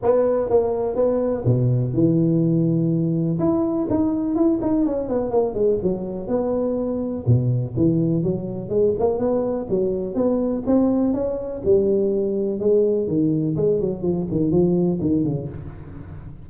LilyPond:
\new Staff \with { instrumentName = "tuba" } { \time 4/4 \tempo 4 = 124 b4 ais4 b4 b,4 | e2. e'4 | dis'4 e'8 dis'8 cis'8 b8 ais8 gis8 | fis4 b2 b,4 |
e4 fis4 gis8 ais8 b4 | fis4 b4 c'4 cis'4 | g2 gis4 dis4 | gis8 fis8 f8 dis8 f4 dis8 cis8 | }